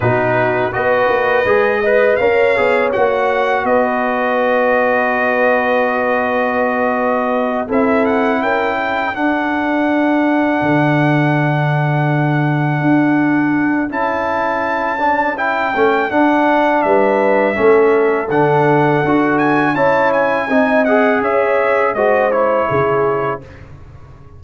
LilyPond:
<<
  \new Staff \with { instrumentName = "trumpet" } { \time 4/4 \tempo 4 = 82 b'4 dis''2 f''4 | fis''4 dis''2.~ | dis''2~ dis''8 e''8 fis''8 g''8~ | g''8 fis''2.~ fis''8~ |
fis''2. a''4~ | a''4 g''4 fis''4 e''4~ | e''4 fis''4. gis''8 a''8 gis''8~ | gis''8 fis''8 e''4 dis''8 cis''4. | }
  \new Staff \with { instrumentName = "horn" } { \time 4/4 fis'4 b'4. dis''8 cis''4~ | cis''4 b'2.~ | b'2~ b'8 a'4 ais'8 | a'1~ |
a'1~ | a'2. b'4 | a'2. cis''4 | dis''4 cis''4 c''4 gis'4 | }
  \new Staff \with { instrumentName = "trombone" } { \time 4/4 dis'4 fis'4 gis'8 b'8 ais'8 gis'8 | fis'1~ | fis'2~ fis'8 e'4.~ | e'8 d'2.~ d'8~ |
d'2. e'4~ | e'8 d'8 e'8 cis'8 d'2 | cis'4 d'4 fis'4 e'4 | dis'8 gis'4. fis'8 e'4. | }
  \new Staff \with { instrumentName = "tuba" } { \time 4/4 b,4 b8 ais8 gis4 cis'8 b8 | ais4 b2.~ | b2~ b8 c'4 cis'8~ | cis'8 d'2 d4.~ |
d4. d'4. cis'4~ | cis'4. a8 d'4 g4 | a4 d4 d'4 cis'4 | c'4 cis'4 gis4 cis4 | }
>>